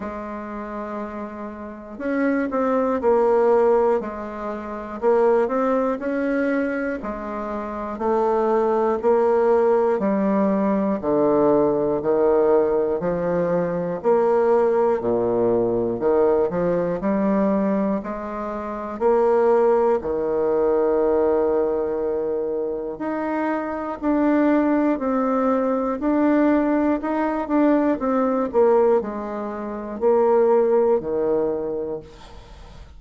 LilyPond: \new Staff \with { instrumentName = "bassoon" } { \time 4/4 \tempo 4 = 60 gis2 cis'8 c'8 ais4 | gis4 ais8 c'8 cis'4 gis4 | a4 ais4 g4 d4 | dis4 f4 ais4 ais,4 |
dis8 f8 g4 gis4 ais4 | dis2. dis'4 | d'4 c'4 d'4 dis'8 d'8 | c'8 ais8 gis4 ais4 dis4 | }